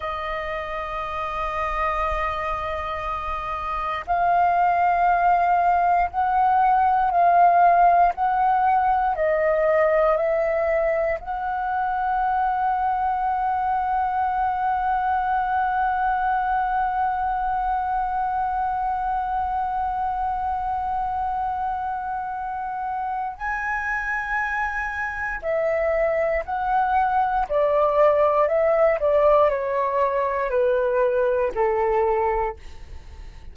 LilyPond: \new Staff \with { instrumentName = "flute" } { \time 4/4 \tempo 4 = 59 dis''1 | f''2 fis''4 f''4 | fis''4 dis''4 e''4 fis''4~ | fis''1~ |
fis''1~ | fis''2. gis''4~ | gis''4 e''4 fis''4 d''4 | e''8 d''8 cis''4 b'4 a'4 | }